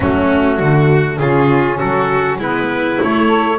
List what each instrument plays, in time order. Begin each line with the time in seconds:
0.00 double bass F#3, saxophone A3, violin C#4, trumpet F#4
0.58 double bass D3, violin F#4
1.18 double bass C#3, saxophone C#4, violin F4, trumpet G#4
1.78 double bass F#3, violin F#4, trumpet A4
2.38 double bass G#3, saxophone B3, violin E4, trumpet B4
3.01 saxophone A3, double bass A3, trumpet C#5
3.27 saxophone A4